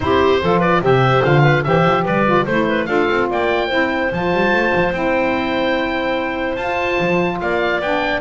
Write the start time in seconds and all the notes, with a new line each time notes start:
0.00 C4 E4 G4 C5
0.42 F3 F4 A4
0.59 B4 D5
0.81 C3 G4 C5 E5
1.23 D3 F4 F5
1.42 B4
1.63 E3 G4 C5 E5
1.84 F3
2.03 G3 B4 D5
2.25 F4
2.45 A3 E4 C5
2.68 B4
2.85 D4 F4 A4 F5
3.10 C4
3.30 A#3 D5 G5
3.67 C4 E4 C5
4.12 F3 F4 A5
4.32 G3
4.52 A3
4.74 F3
4.92 C4 E4 G5
6.56 F4 A5
7.00 F3
7.40 A#3 D5 F5
7.80 B3 D4 G5